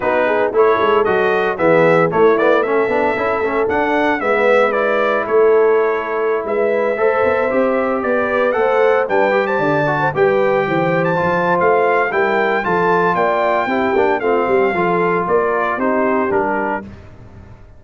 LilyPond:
<<
  \new Staff \with { instrumentName = "trumpet" } { \time 4/4 \tempo 4 = 114 b'4 cis''4 dis''4 e''4 | cis''8 d''8 e''2 fis''4 | e''4 d''4 cis''2~ | cis''16 e''2. d''8.~ |
d''16 fis''4 g''8. a''4~ a''16 g''8.~ | g''4 a''4 f''4 g''4 | a''4 g''2 f''4~ | f''4 d''4 c''4 ais'4 | }
  \new Staff \with { instrumentName = "horn" } { \time 4/4 fis'8 gis'8 a'2 gis'4 | e'4 a'2. | b'2 a'2~ | a'16 b'4 c''2 b'8.~ |
b'16 c''4 b'8. c''16 d''8. c''16 b'8.~ | b'16 c''2~ c''8. ais'4 | a'4 d''4 g'4 f'8 g'8 | a'4 ais'4 g'2 | }
  \new Staff \with { instrumentName = "trombone" } { \time 4/4 dis'4 e'4 fis'4 b4 | a8 b8 cis'8 d'8 e'8 cis'8 d'4 | b4 e'2.~ | e'4~ e'16 a'4 g'4.~ g'16~ |
g'16 a'4 d'8 g'4 fis'8 g'8.~ | g'4~ g'16 f'4.~ f'16 e'4 | f'2 e'8 d'8 c'4 | f'2 dis'4 d'4 | }
  \new Staff \with { instrumentName = "tuba" } { \time 4/4 b4 a8 gis8 fis4 e4 | a4. b8 cis'8 a8 d'4 | gis2 a2~ | a16 gis4 a8 b8 c'4 b8.~ |
b16 a4 g4 d4 g8.~ | g16 e4 f8. a4 g4 | f4 ais4 c'8 ais8 a8 g8 | f4 ais4 c'4 g4 | }
>>